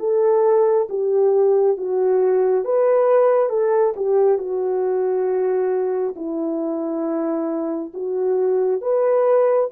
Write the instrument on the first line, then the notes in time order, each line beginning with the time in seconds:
horn
0.00 A4
0.90 G4
1.78 F#4
2.65 B4
3.50 A4
3.97 G4
4.39 F#4
6.16 E4
7.94 F#4
8.82 B4